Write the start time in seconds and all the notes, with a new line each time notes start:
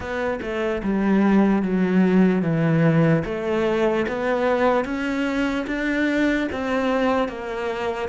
0.00 B3
0.41 A3
0.83 G3
1.62 F#3
2.41 E3
3.24 A3
4.08 B3
4.84 C#4
5.66 D4
6.52 C4
7.28 A#3